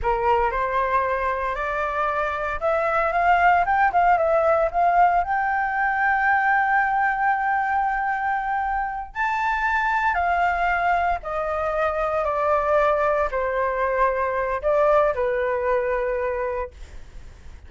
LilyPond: \new Staff \with { instrumentName = "flute" } { \time 4/4 \tempo 4 = 115 ais'4 c''2 d''4~ | d''4 e''4 f''4 g''8 f''8 | e''4 f''4 g''2~ | g''1~ |
g''4. a''2 f''8~ | f''4. dis''2 d''8~ | d''4. c''2~ c''8 | d''4 b'2. | }